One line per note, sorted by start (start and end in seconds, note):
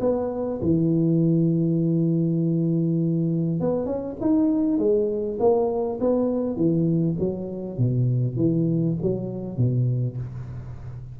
0.00 0.60 B3
0.62 3.60 E3
3.60 3.86 B3
3.86 4.16 C#4
4.21 4.78 D#4
4.78 5.38 G#3
5.39 5.99 A#3
6.00 6.56 B3
6.56 7.16 E3
7.19 7.78 F#3
7.78 8.36 B2
8.36 8.96 E3
9.02 9.57 F#3
9.57 10.17 B2